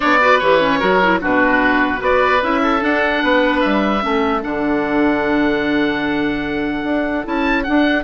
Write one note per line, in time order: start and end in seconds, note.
0.00 0.41 B3
0.00 0.19 D4
0.00 0.18 C#5
0.00 0.39 D5
0.20 0.40 F#4
0.20 0.79 B4
0.39 0.81 E3
0.39 0.60 G4
0.39 1.19 C#5
0.60 0.80 C#4
0.79 1.21 F#3
0.79 1.00 F#4
0.79 1.19 A#4
1.02 1.20 E4
1.20 2.00 B2
1.20 1.98 D4
1.20 2.00 F#4
1.20 2.03 B4
1.98 2.41 B3
1.98 2.38 F#4
1.98 2.60 B4
1.98 2.43 D5
2.42 2.82 C#4
2.42 2.80 E4
2.42 2.83 E5
2.62 3.23 A4
2.80 4.00 D4
2.80 3.22 D4
2.80 3.60 F#5
3.22 3.62 B3
3.22 4.04 B4
3.60 4.04 G3
3.60 4.41 E5
4.00 4.44 A3
4.00 4.40 C#4
4.00 8.03 A4
4.42 6.83 D3
4.42 7.24 D4
4.42 7.25 F#5
6.83 7.24 D4
7.24 7.67 C#4
7.24 7.64 E4
7.24 7.63 A5
7.63 8.03 D4
7.63 8.03 F#5